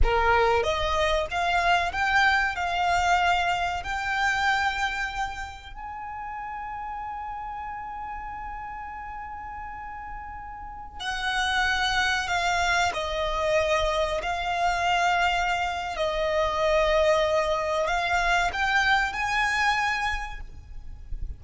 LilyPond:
\new Staff \with { instrumentName = "violin" } { \time 4/4 \tempo 4 = 94 ais'4 dis''4 f''4 g''4 | f''2 g''2~ | g''4 gis''2.~ | gis''1~ |
gis''4~ gis''16 fis''2 f''8.~ | f''16 dis''2 f''4.~ f''16~ | f''4 dis''2. | f''4 g''4 gis''2 | }